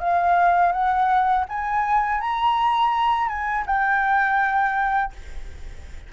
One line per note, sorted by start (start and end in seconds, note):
0.00 0.72 F5
0.72 1.45 F#5
1.49 2.21 G#5
2.21 3.29 A#5
3.29 3.65 G#5
3.66 5.13 G5